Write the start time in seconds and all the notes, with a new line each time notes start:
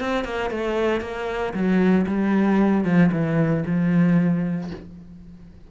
0.00 C4
0.24 A#3
0.50 A3
1.01 A#3
1.53 F#3
2.07 G3
2.84 F3
3.12 E3
3.66 F3